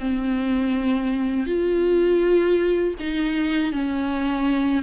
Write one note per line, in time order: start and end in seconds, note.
0.00 1.46 C4
1.46 2.95 F4
3.00 3.73 D#4
3.73 4.83 C#4